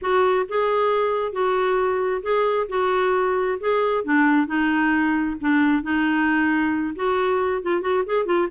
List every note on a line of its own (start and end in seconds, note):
0.01 0.46 F#4
0.48 1.32 G#4
1.32 2.21 F#4
2.22 2.67 G#4
2.68 3.58 F#4
3.59 4.04 G#4
4.04 4.47 D4
4.47 5.36 D#4
5.41 5.82 D4
5.82 6.94 D#4
6.95 7.62 F#4
7.62 7.81 F4
7.81 8.03 F#4
8.06 8.25 G#4
8.25 8.47 F4